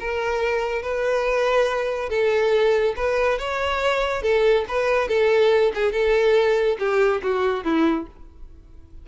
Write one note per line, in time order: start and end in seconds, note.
0.00 0.82 A#4
0.82 2.10 B4
2.10 2.95 A4
2.97 3.39 B4
3.39 4.23 C#5
4.23 4.65 A4
4.68 5.09 B4
5.09 5.72 A4
5.75 5.93 G#4
5.93 6.78 A4
6.79 7.22 G4
7.23 7.64 F#4
7.64 8.07 E4